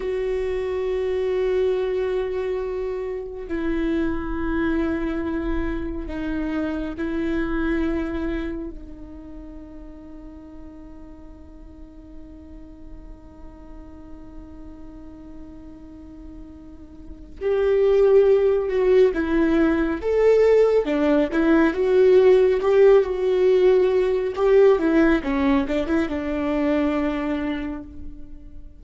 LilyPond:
\new Staff \with { instrumentName = "viola" } { \time 4/4 \tempo 4 = 69 fis'1 | e'2. dis'4 | e'2 dis'2~ | dis'1~ |
dis'1 | g'4. fis'8 e'4 a'4 | d'8 e'8 fis'4 g'8 fis'4. | g'8 e'8 cis'8 d'16 e'16 d'2 | }